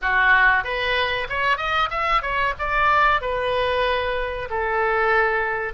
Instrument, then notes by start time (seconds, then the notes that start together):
oboe
0.01 F#4
0.64 B4
1.29 C#5
1.57 D#5
1.90 E5
2.21 C#5
2.58 D5
3.21 B4
4.49 A4